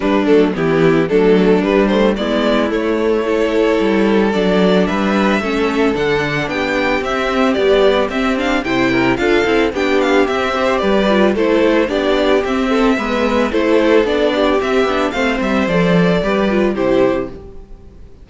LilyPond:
<<
  \new Staff \with { instrumentName = "violin" } { \time 4/4 \tempo 4 = 111 b'8 a'8 g'4 a'4 b'8 c''8 | d''4 cis''2. | d''4 e''2 fis''4 | g''4 e''4 d''4 e''8 f''8 |
g''4 f''4 g''8 f''8 e''4 | d''4 c''4 d''4 e''4~ | e''4 c''4 d''4 e''4 | f''8 e''8 d''2 c''4 | }
  \new Staff \with { instrumentName = "violin" } { \time 4/4 d'4 e'4 d'2 | e'2 a'2~ | a'4 b'4 a'2 | g'1 |
c''8 ais'8 a'4 g'4. c''8 | b'4 a'4 g'4. a'8 | b'4 a'4. g'4. | c''2 b'4 g'4 | }
  \new Staff \with { instrumentName = "viola" } { \time 4/4 g8 a8 b4 a4 g8 a8 | b4 a4 e'2 | d'2 cis'4 d'4~ | d'4 c'4 g4 c'8 d'8 |
e'4 f'8 e'8 d'4 c'8 g'8~ | g'8 f'8 e'4 d'4 c'4 | b4 e'4 d'4 c'8 d'8 | c'4 a'4 g'8 f'8 e'4 | }
  \new Staff \with { instrumentName = "cello" } { \time 4/4 g8 fis8 e4 fis4 g4 | gis4 a2 g4 | fis4 g4 a4 d4 | b4 c'4 b4 c'4 |
c4 d'8 c'8 b4 c'4 | g4 a4 b4 c'4 | gis4 a4 b4 c'8 b8 | a8 g8 f4 g4 c4 | }
>>